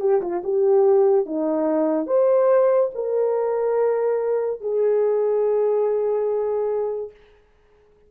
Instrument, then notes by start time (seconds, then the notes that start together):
horn
0.00 G4
0.21 F4
0.44 G4
1.26 D#4
2.06 C5
2.94 A#4
4.60 G#4